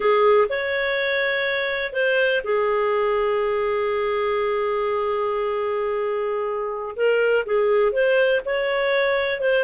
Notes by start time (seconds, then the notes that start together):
0.00 G#4
0.49 C#5
1.92 C5
2.44 G#4
6.96 A#4
7.45 G#4
7.92 C5
8.45 C#5
9.40 C5